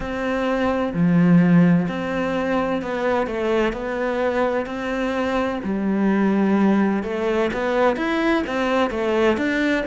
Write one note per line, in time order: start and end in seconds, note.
0.00 0.93 C4
0.93 1.87 F3
1.88 2.82 C4
2.82 3.26 B3
3.26 3.72 A3
3.72 4.66 B3
4.66 5.60 C4
5.63 7.03 G3
7.03 7.50 A3
7.53 7.96 B3
7.96 8.43 E4
8.46 8.90 C4
8.90 9.37 A3
9.37 9.84 D4